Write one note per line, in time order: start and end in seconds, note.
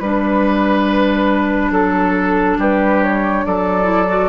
0.00 1.71 G3
0.00 3.83 D4
0.00 1.71 B4
0.00 1.72 B4
1.71 2.57 F#3
1.71 2.57 A4
1.71 2.59 A4
2.58 3.44 G3
2.58 3.44 G4
2.58 3.03 B4
3.03 3.45 C#5
3.45 4.29 F#3
3.45 4.29 A4
3.45 4.29 D5
3.83 4.05 E4
4.08 4.29 F#4